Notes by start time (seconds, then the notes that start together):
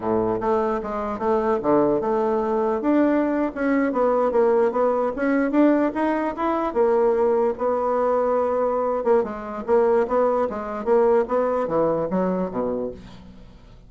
0.00 A2
0.40 A3
0.82 G#3
1.18 A3
1.62 D3
2.01 A3
2.81 D4
3.54 C#4
3.92 B3
4.31 A#3
4.71 B3
5.16 C#4
5.51 D4
5.94 D#4
6.36 E4
6.73 A#3
7.58 B3
9.04 A#3
9.23 G#3
9.66 A#3
10.07 B3
10.49 G#3
10.84 A#3
11.28 B3
11.67 E3
12.10 F#3
12.50 B2